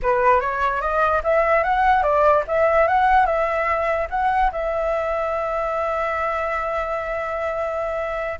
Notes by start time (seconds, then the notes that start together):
0.02 B4
0.40 C#5
0.81 D#5
1.23 E5
1.63 F#5
2.02 D5
2.47 E5
2.87 F#5
3.26 E5
4.10 F#5
4.51 E5